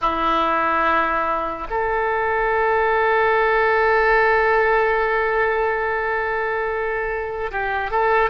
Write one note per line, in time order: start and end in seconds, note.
0.01 1.67 E4
1.69 7.51 A4
7.51 7.90 G4
7.90 8.30 A4